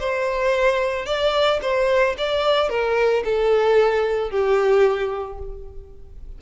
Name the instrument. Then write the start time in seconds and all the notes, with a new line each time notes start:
violin
0.00 C5
1.06 D5
1.62 C5
2.18 D5
2.70 A#4
3.25 A4
4.31 G4